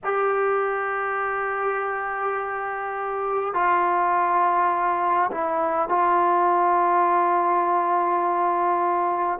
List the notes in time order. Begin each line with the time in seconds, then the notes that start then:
0.03 G4
3.53 F4
5.30 E4
5.88 F4